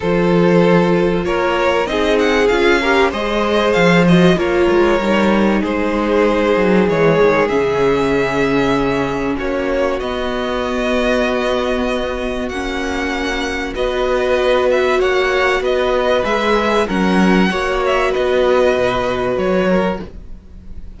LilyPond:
<<
  \new Staff \with { instrumentName = "violin" } { \time 4/4 \tempo 4 = 96 c''2 cis''4 dis''8 fis''8 | f''4 dis''4 f''8 dis''8 cis''4~ | cis''4 c''2 cis''4 | e''2. cis''4 |
dis''1 | fis''2 dis''4. e''8 | fis''4 dis''4 e''4 fis''4~ | fis''8 e''8 dis''2 cis''4 | }
  \new Staff \with { instrumentName = "violin" } { \time 4/4 a'2 ais'4 gis'4~ | gis'8 ais'8 c''2 ais'4~ | ais'4 gis'2.~ | gis'2. fis'4~ |
fis'1~ | fis'2 b'2 | cis''4 b'2 ais'4 | cis''4 b'2~ b'8 ais'8 | }
  \new Staff \with { instrumentName = "viola" } { \time 4/4 f'2. dis'4 | f'8 g'8 gis'4. fis'8 f'4 | dis'2. gis4 | cis'1 |
b1 | cis'2 fis'2~ | fis'2 gis'4 cis'4 | fis'1 | }
  \new Staff \with { instrumentName = "cello" } { \time 4/4 f2 ais4 c'4 | cis'4 gis4 f4 ais8 gis8 | g4 gis4. fis8 e8 dis8 | cis2. ais4 |
b1 | ais2 b2 | ais4 b4 gis4 fis4 | ais4 b4 b,4 fis4 | }
>>